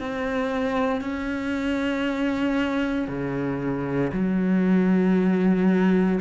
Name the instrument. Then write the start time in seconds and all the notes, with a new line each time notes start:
cello
0.00 C4
1.02 C#4
3.08 C#3
4.13 F#3